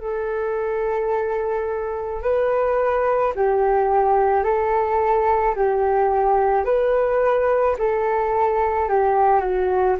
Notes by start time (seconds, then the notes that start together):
0.00 A4
2.22 B4
3.35 G4
4.43 A4
5.55 G4
6.65 B4
7.78 A4
8.88 G4
9.40 F#4